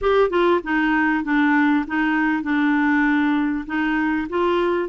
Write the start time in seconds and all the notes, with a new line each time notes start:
0.01 G4
0.29 F4
0.63 D#4
1.24 D4
1.87 D#4
2.42 D4
3.66 D#4
4.29 F4